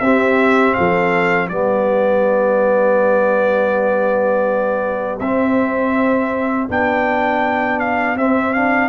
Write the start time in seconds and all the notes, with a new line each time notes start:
0.00 C4 G4 E5
0.74 F3 A4 F5
1.49 G3 B3 G4 D5
5.20 C4 E5
6.69 B3 D4 G5
7.80 F5
8.16 C4 E5
8.54 D4 F5